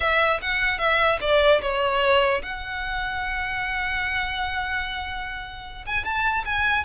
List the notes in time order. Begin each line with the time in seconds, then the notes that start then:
0.00 E5
0.41 F#5
0.78 E5
1.21 D5
1.61 C#5
2.42 F#5
5.86 G#5
6.04 A5
6.45 G#5